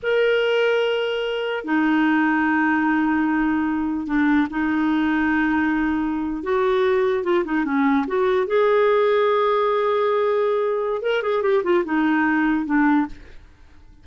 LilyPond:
\new Staff \with { instrumentName = "clarinet" } { \time 4/4 \tempo 4 = 147 ais'1 | dis'1~ | dis'2 d'4 dis'4~ | dis'2.~ dis'8. fis'16~ |
fis'4.~ fis'16 f'8 dis'8 cis'4 fis'16~ | fis'8. gis'2.~ gis'16~ | gis'2. ais'8 gis'8 | g'8 f'8 dis'2 d'4 | }